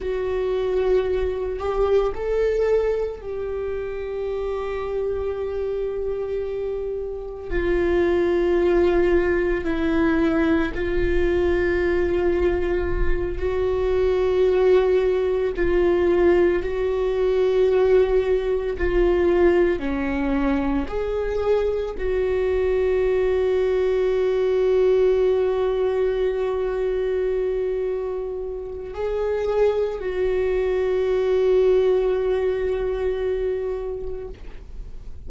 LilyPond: \new Staff \with { instrumentName = "viola" } { \time 4/4 \tempo 4 = 56 fis'4. g'8 a'4 g'4~ | g'2. f'4~ | f'4 e'4 f'2~ | f'8 fis'2 f'4 fis'8~ |
fis'4. f'4 cis'4 gis'8~ | gis'8 fis'2.~ fis'8~ | fis'2. gis'4 | fis'1 | }